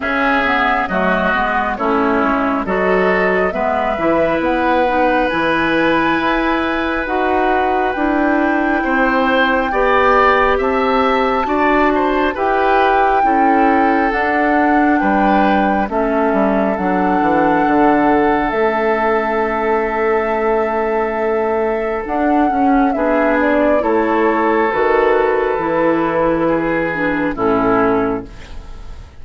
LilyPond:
<<
  \new Staff \with { instrumentName = "flute" } { \time 4/4 \tempo 4 = 68 e''4 dis''4 cis''4 dis''4 | e''4 fis''4 gis''2 | fis''4 g''2. | a''2 g''2 |
fis''4 g''4 e''4 fis''4~ | fis''4 e''2.~ | e''4 fis''4 e''8 d''8 cis''4 | b'2. a'4 | }
  \new Staff \with { instrumentName = "oboe" } { \time 4/4 gis'4 fis'4 e'4 a'4 | b'1~ | b'2 c''4 d''4 | e''4 d''8 c''8 b'4 a'4~ |
a'4 b'4 a'2~ | a'1~ | a'2 gis'4 a'4~ | a'2 gis'4 e'4 | }
  \new Staff \with { instrumentName = "clarinet" } { \time 4/4 cis'8 b8 a8 b8 cis'4 fis'4 | b8 e'4 dis'8 e'2 | fis'4 e'2 g'4~ | g'4 fis'4 g'4 e'4 |
d'2 cis'4 d'4~ | d'4 cis'2.~ | cis'4 d'8 cis'8 d'4 e'4 | fis'4 e'4. d'8 cis'4 | }
  \new Staff \with { instrumentName = "bassoon" } { \time 4/4 cis4 fis8 gis8 a8 gis8 fis4 | gis8 e8 b4 e4 e'4 | dis'4 d'4 c'4 b4 | c'4 d'4 e'4 cis'4 |
d'4 g4 a8 g8 fis8 e8 | d4 a2.~ | a4 d'8 cis'8 b4 a4 | dis4 e2 a,4 | }
>>